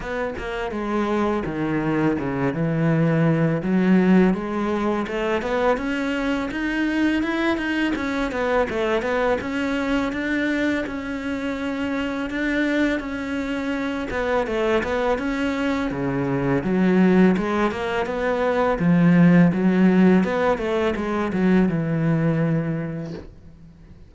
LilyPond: \new Staff \with { instrumentName = "cello" } { \time 4/4 \tempo 4 = 83 b8 ais8 gis4 dis4 cis8 e8~ | e4 fis4 gis4 a8 b8 | cis'4 dis'4 e'8 dis'8 cis'8 b8 | a8 b8 cis'4 d'4 cis'4~ |
cis'4 d'4 cis'4. b8 | a8 b8 cis'4 cis4 fis4 | gis8 ais8 b4 f4 fis4 | b8 a8 gis8 fis8 e2 | }